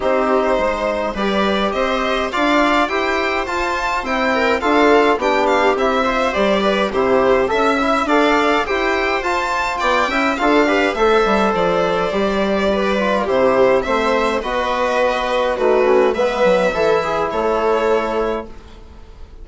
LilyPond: <<
  \new Staff \with { instrumentName = "violin" } { \time 4/4 \tempo 4 = 104 c''2 d''4 dis''4 | f''4 g''4 a''4 g''4 | f''4 g''8 f''8 e''4 d''4 | c''4 e''4 f''4 g''4 |
a''4 g''4 f''4 e''4 | d''2. c''4 | e''4 dis''2 b'4 | e''2 cis''2 | }
  \new Staff \with { instrumentName = "viola" } { \time 4/4 g'4 c''4 b'4 c''4 | d''4 c''2~ c''8 ais'8 | a'4 g'4. c''4 b'8 | g'4 e''4 d''4 c''4~ |
c''4 d''8 e''8 a'8 b'8 c''4~ | c''2 b'4 g'4 | c''4 b'2 fis'4 | b'4 a'8 gis'8 a'2 | }
  \new Staff \with { instrumentName = "trombone" } { \time 4/4 dis'2 g'2 | f'4 g'4 f'4 e'4 | f'4 d'4 e'8 f'8 g'4 | e'4 a'8 e'8 a'4 g'4 |
f'4. e'8 f'8 g'8 a'4~ | a'4 g'4. f'8 e'4 | c'4 fis'2 dis'8 cis'8 | b4 e'2. | }
  \new Staff \with { instrumentName = "bassoon" } { \time 4/4 c'4 gis4 g4 c'4 | d'4 e'4 f'4 c'4 | d'4 b4 c'4 g4 | c4 cis'4 d'4 e'4 |
f'4 b8 cis'8 d'4 a8 g8 | f4 g2 c4 | a4 b2 a4 | gis8 fis8 e4 a2 | }
>>